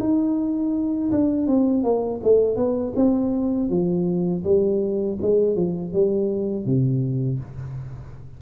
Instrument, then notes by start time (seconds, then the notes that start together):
tuba
0.00 D#4
1.12 D4
1.47 C4
1.84 A#3
2.24 A3
2.57 B3
2.96 C4
3.70 F3
4.44 G3
5.22 G#3
5.56 F3
5.93 G3
6.66 C3